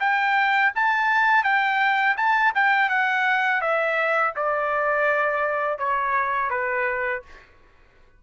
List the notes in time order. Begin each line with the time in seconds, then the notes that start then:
0.00 G5
0.75 A5
1.44 G5
2.17 A5
2.55 G5
2.89 F#5
3.61 E5
4.36 D5
5.79 C#5
6.50 B4